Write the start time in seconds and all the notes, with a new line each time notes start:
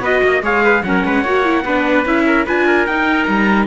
0.00 B3 F#4 B4 D#5
0.23 A#3 D#5
0.42 G#3 G#4 C#5 F5
0.64 B4
0.83 F#3 C#4 A#4 F#5
1.05 G#3 B4
1.22 A#3 F#4 C#5
1.44 E4
1.64 B3 D4 B4
2.05 C#4 E4 E5
2.26 A#4
2.46 D4 F4 B4 G#5
2.67 A#4
2.86 D#4 G5
3.23 G3 A#5